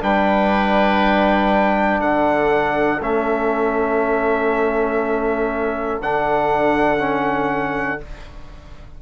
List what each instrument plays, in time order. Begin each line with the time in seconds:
0.00 bassoon G3, trombone D4, oboe B4, trumpet G5
2.00 bassoon D3, oboe A4, trumpet F#5
3.01 bassoon A3, trombone C#4, trumpet E5
6.00 bassoon D3, trombone D4, trumpet F#5
6.98 trombone C#4